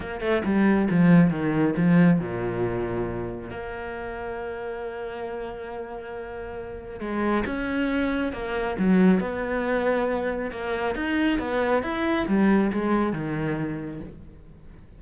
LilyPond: \new Staff \with { instrumentName = "cello" } { \time 4/4 \tempo 4 = 137 ais8 a8 g4 f4 dis4 | f4 ais,2. | ais1~ | ais1 |
gis4 cis'2 ais4 | fis4 b2. | ais4 dis'4 b4 e'4 | g4 gis4 dis2 | }